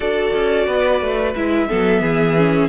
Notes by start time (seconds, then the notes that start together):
0.00 D4 F#4 A4 D5
0.34 C#4
0.66 B3 B4
1.01 A3
1.35 G#3 E4 E5
1.68 F#3 B3 A4
2.01 E3 G#4
2.37 C#4